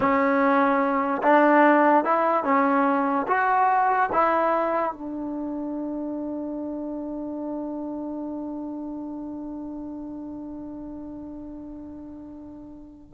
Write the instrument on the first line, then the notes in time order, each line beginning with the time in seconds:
trombone
0.00 C#4
1.23 D4
2.04 E4
2.44 C#4
3.27 F#4
4.12 E4
4.92 D4